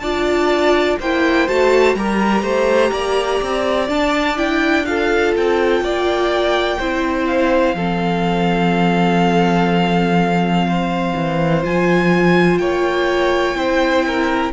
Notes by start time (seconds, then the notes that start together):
0.00 D4 F4 D5 A5
1.00 A#3 E4 C5 G5
1.48 A3 F#4 A5
1.95 G3 G4 A#4 A#5
2.43 A3 C5
2.92 A#3 D5
3.42 C4
3.89 D4 A5
4.37 E4 G5
4.86 F4 A4 F5
5.37 C4 G5
5.81 A#3 D5
6.79 C4 E4 C5
7.27 F5
7.75 F3 C4 A4
10.68 C5
11.16 E3
11.63 F3 F4 G#5
12.59 A#3 C#5 G5
13.55 C4 E4 C5
14.07 A#4